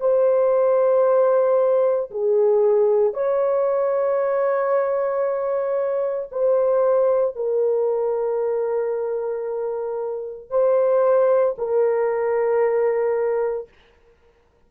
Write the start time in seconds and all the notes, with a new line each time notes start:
0.00 C5
2.11 G#4
3.14 C#5
6.32 C5
7.36 A#4
10.50 C5
11.58 A#4